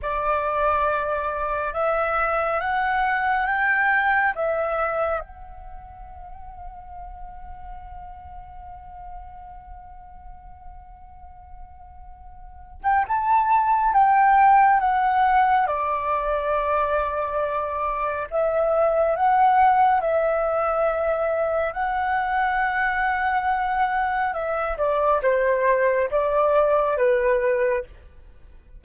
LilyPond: \new Staff \with { instrumentName = "flute" } { \time 4/4 \tempo 4 = 69 d''2 e''4 fis''4 | g''4 e''4 fis''2~ | fis''1~ | fis''2~ fis''8. g''16 a''4 |
g''4 fis''4 d''2~ | d''4 e''4 fis''4 e''4~ | e''4 fis''2. | e''8 d''8 c''4 d''4 b'4 | }